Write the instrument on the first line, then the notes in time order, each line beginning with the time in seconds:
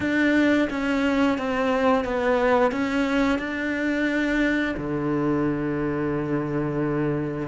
cello
0.00 D4
0.69 C#4
1.38 C4
2.04 B3
2.71 C#4
3.38 D4
4.77 D3